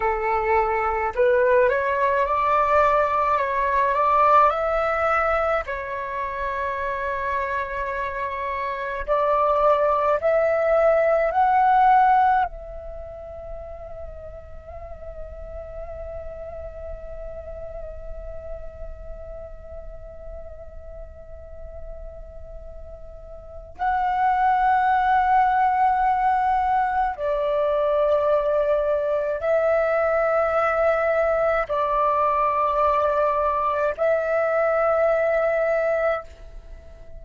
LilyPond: \new Staff \with { instrumentName = "flute" } { \time 4/4 \tempo 4 = 53 a'4 b'8 cis''8 d''4 cis''8 d''8 | e''4 cis''2. | d''4 e''4 fis''4 e''4~ | e''1~ |
e''1~ | e''4 fis''2. | d''2 e''2 | d''2 e''2 | }